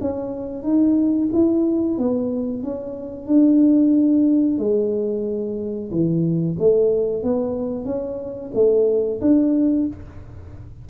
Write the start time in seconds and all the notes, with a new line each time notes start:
0.00 C#4
0.63 D#4
1.32 E4
1.98 B3
2.63 C#4
3.26 D4
4.58 G#3
5.90 E3
6.58 A3
7.23 B3
7.85 C#4
8.54 A3
9.20 D4